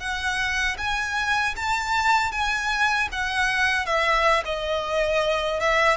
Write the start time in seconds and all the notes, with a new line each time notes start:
0.00 F#5
0.78 G#5
1.57 A5
2.32 G#5
3.12 F#5
3.86 E5
4.45 D#5
5.60 E5